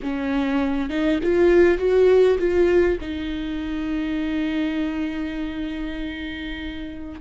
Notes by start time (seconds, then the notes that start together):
0.02 C#4
0.89 D#4
1.23 F4
1.78 F#4
2.38 F4
3.00 D#4